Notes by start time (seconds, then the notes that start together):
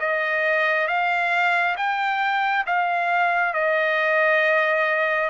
0.00 D#5
0.88 F5
1.77 G5
2.67 F5
3.54 D#5